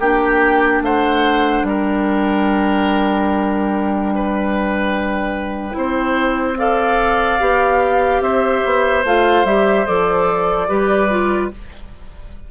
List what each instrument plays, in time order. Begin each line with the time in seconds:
0.00 bassoon A#3, clarinet D4, oboe G4, flute G5
0.81 bassoon A3, oboe C5, flute F#5
1.63 bassoon G3, oboe A#4, flute G5
4.15 oboe B4
5.72 bassoon C4, clarinet E4, oboe C5
6.58 clarinet A4, oboe D5, flute F5
7.39 bassoon B3, clarinet G4
8.21 bassoon C4, oboe C5, flute E5
8.65 bassoon B3
9.04 bassoon A3, clarinet F4, flute F5
9.44 bassoon G3, clarinet G4, flute E5
9.86 bassoon F3, clarinet A4, flute D5
10.68 bassoon G3, clarinet G4, oboe B4
11.09 clarinet F4